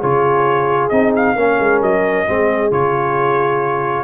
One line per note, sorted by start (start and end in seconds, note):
0.00 0.91 C#3
0.00 0.91 F4
0.00 1.35 G#4
0.00 0.89 C#5
0.89 1.35 C4
0.89 1.36 D#4
0.89 1.11 D#5
1.15 1.82 F5
1.35 1.58 A#3
1.35 2.26 C#4
1.35 2.27 A#4
1.59 1.81 G#3
1.81 2.26 F#3
1.81 2.72 D#5
2.26 2.71 G#3
2.26 2.71 C4
2.26 4.04 G#4
2.71 4.04 C#3
2.71 4.04 F4
2.71 4.04 C#5